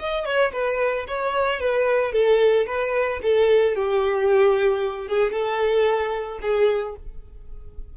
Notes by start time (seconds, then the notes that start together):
0.00 D#5
0.26 C#5
0.53 B4
1.08 C#5
1.60 B4
2.13 A4
2.67 B4
3.23 A4
3.76 G4
5.09 G#4
5.33 A4
6.42 G#4